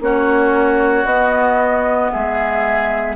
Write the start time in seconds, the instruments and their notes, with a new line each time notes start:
0.00 bassoon A#3, clarinet C#4, oboe F#4, flute C#5
1.04 bassoon B3, clarinet B3, flute D#5
2.11 bassoon G#3, oboe G#4, flute E5